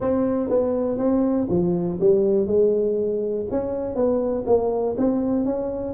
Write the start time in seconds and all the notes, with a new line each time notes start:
0.00 C4
0.49 B3
0.98 C4
1.49 F3
2.00 G3
2.47 G#3
3.50 C#4
3.95 B3
4.46 A#3
4.97 C4
5.45 C#4